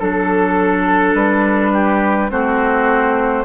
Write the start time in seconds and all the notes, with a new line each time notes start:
0.00 F#3 D4 A4
1.15 G3 B4
1.73 G4
2.31 A3 C4 F#4 C5